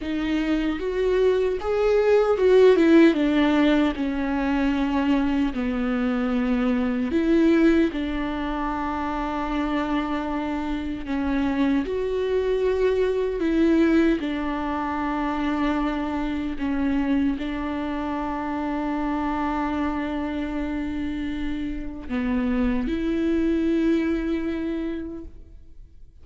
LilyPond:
\new Staff \with { instrumentName = "viola" } { \time 4/4 \tempo 4 = 76 dis'4 fis'4 gis'4 fis'8 e'8 | d'4 cis'2 b4~ | b4 e'4 d'2~ | d'2 cis'4 fis'4~ |
fis'4 e'4 d'2~ | d'4 cis'4 d'2~ | d'1 | b4 e'2. | }